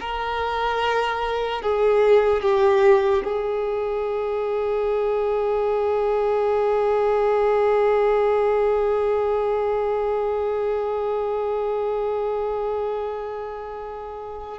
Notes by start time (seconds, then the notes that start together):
0.00 A#4
1.62 G#4
2.42 G4
3.24 G#4